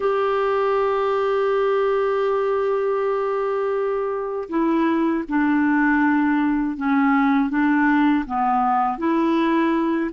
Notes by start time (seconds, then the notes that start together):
0.00 G4
4.49 E4
5.28 D4
6.77 C#4
7.49 D4
8.26 B3
8.98 E4